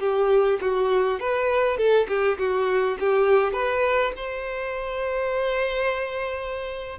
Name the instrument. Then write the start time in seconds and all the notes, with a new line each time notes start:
violin
0.00 G4
0.61 F#4
1.20 B4
1.78 A4
2.08 G4
2.38 F#4
3.00 G4
3.53 B4
4.17 C5